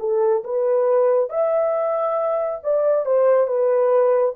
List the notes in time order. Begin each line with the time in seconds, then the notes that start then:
0.00 A4
0.44 B4
1.30 E5
2.64 D5
3.06 C5
3.47 B4